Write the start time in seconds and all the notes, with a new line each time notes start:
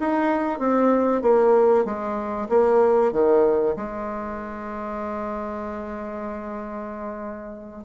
0.00 D#4
0.59 C4
1.22 A#3
1.85 G#3
2.49 A#3
3.13 D#3
3.76 G#3